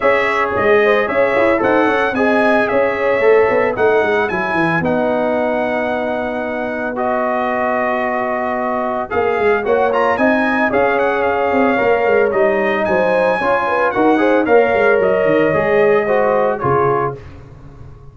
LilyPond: <<
  \new Staff \with { instrumentName = "trumpet" } { \time 4/4 \tempo 4 = 112 e''4 dis''4 e''4 fis''4 | gis''4 e''2 fis''4 | gis''4 fis''2.~ | fis''4 dis''2.~ |
dis''4 f''4 fis''8 ais''8 gis''4 | f''8 fis''8 f''2 dis''4 | gis''2 fis''4 f''4 | dis''2. cis''4 | }
  \new Staff \with { instrumentName = "horn" } { \time 4/4 cis''4. c''8 cis''4 c''8 cis''8 | dis''4 cis''2 b'4~ | b'1~ | b'1~ |
b'2 cis''4 dis''4 | cis''1 | c''4 cis''8 b'8 ais'8 c''8 cis''4~ | cis''2 c''4 gis'4 | }
  \new Staff \with { instrumentName = "trombone" } { \time 4/4 gis'2. a'4 | gis'2 a'4 dis'4 | e'4 dis'2.~ | dis'4 fis'2.~ |
fis'4 gis'4 fis'8 f'8 dis'4 | gis'2 ais'4 dis'4~ | dis'4 f'4 fis'8 gis'8 ais'4~ | ais'4 gis'4 fis'4 f'4 | }
  \new Staff \with { instrumentName = "tuba" } { \time 4/4 cis'4 gis4 cis'8 e'8 dis'8 cis'8 | c'4 cis'4 a8 b8 a8 gis8 | fis8 e8 b2.~ | b1~ |
b4 ais8 gis8 ais4 c'4 | cis'4. c'8 ais8 gis8 g4 | fis4 cis'4 dis'4 ais8 gis8 | fis8 dis8 gis2 cis4 | }
>>